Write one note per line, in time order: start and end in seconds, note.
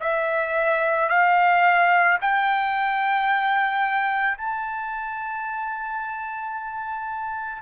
0.00 1.09 E5
1.09 2.18 F5
2.21 4.37 G5
4.37 7.62 A5